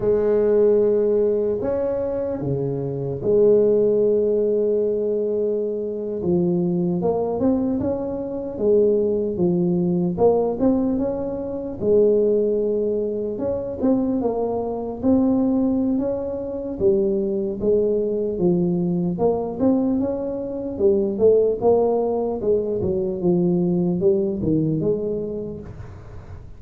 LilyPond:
\new Staff \with { instrumentName = "tuba" } { \time 4/4 \tempo 4 = 75 gis2 cis'4 cis4 | gis2.~ gis8. f16~ | f8. ais8 c'8 cis'4 gis4 f16~ | f8. ais8 c'8 cis'4 gis4~ gis16~ |
gis8. cis'8 c'8 ais4 c'4~ c'16 | cis'4 g4 gis4 f4 | ais8 c'8 cis'4 g8 a8 ais4 | gis8 fis8 f4 g8 dis8 gis4 | }